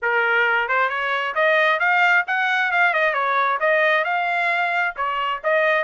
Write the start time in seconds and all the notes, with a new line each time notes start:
0.01 A#4
0.68 C5
0.89 C#5
1.34 D#5
1.79 F5
2.27 F#5
2.71 F5
2.93 D#5
3.13 C#5
3.59 D#5
4.04 F5
4.96 C#5
5.43 D#5